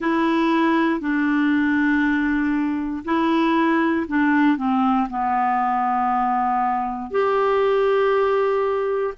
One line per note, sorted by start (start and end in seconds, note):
0.00 1.00 E4
1.00 3.03 D4
3.05 4.06 E4
4.07 4.57 D4
4.57 5.08 C4
5.09 7.10 B3
7.10 9.14 G4